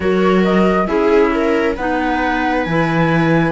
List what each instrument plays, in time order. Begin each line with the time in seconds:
0.00 cello F#3, clarinet F#4, viola A#4, flute C#5
0.43 flute D#5
0.86 cello C#4, clarinet E4, viola G#4, flute E5
1.34 viola A#4
1.75 cello B3, clarinet D#4, viola B4, flute F#5
2.63 cello E3, clarinet E4, flute G#5